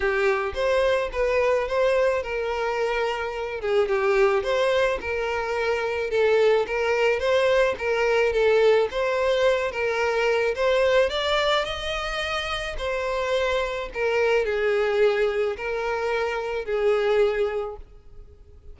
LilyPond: \new Staff \with { instrumentName = "violin" } { \time 4/4 \tempo 4 = 108 g'4 c''4 b'4 c''4 | ais'2~ ais'8 gis'8 g'4 | c''4 ais'2 a'4 | ais'4 c''4 ais'4 a'4 |
c''4. ais'4. c''4 | d''4 dis''2 c''4~ | c''4 ais'4 gis'2 | ais'2 gis'2 | }